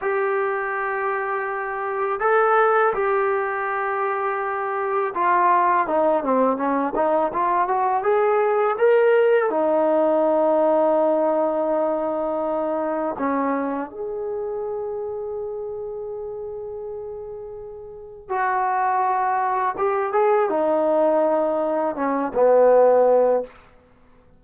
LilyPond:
\new Staff \with { instrumentName = "trombone" } { \time 4/4 \tempo 4 = 82 g'2. a'4 | g'2. f'4 | dis'8 c'8 cis'8 dis'8 f'8 fis'8 gis'4 | ais'4 dis'2.~ |
dis'2 cis'4 gis'4~ | gis'1~ | gis'4 fis'2 g'8 gis'8 | dis'2 cis'8 b4. | }